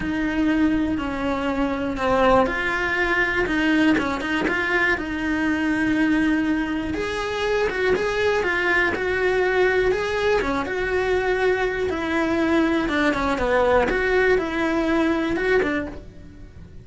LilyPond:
\new Staff \with { instrumentName = "cello" } { \time 4/4 \tempo 4 = 121 dis'2 cis'2 | c'4 f'2 dis'4 | cis'8 dis'8 f'4 dis'2~ | dis'2 gis'4. fis'8 |
gis'4 f'4 fis'2 | gis'4 cis'8 fis'2~ fis'8 | e'2 d'8 cis'8 b4 | fis'4 e'2 fis'8 d'8 | }